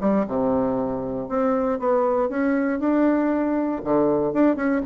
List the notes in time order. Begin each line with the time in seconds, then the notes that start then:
0.00 G3
0.27 C3
1.29 C4
1.79 B3
2.29 C#4
2.79 D4
3.84 D3
4.33 D4
4.56 C#4